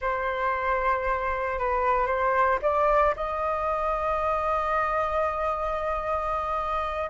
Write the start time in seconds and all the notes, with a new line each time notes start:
0.01 C5
1.58 B4
2.06 C5
2.62 D5
3.16 D#5